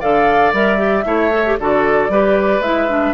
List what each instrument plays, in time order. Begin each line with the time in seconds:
0.00 bassoon D3, clarinet A4, oboe D5, flute F5
0.53 bassoon G3, clarinet A#4, flute E5
0.77 clarinet G4
1.05 bassoon A3, clarinet E4, oboe C#5
1.32 clarinet A4
1.46 clarinet G4
1.59 bassoon D3, clarinet F#4, oboe A4, flute D5
2.09 bassoon G3, clarinet G4, oboe B4
2.59 bassoon G#3, clarinet E4, flute E5
2.89 clarinet D4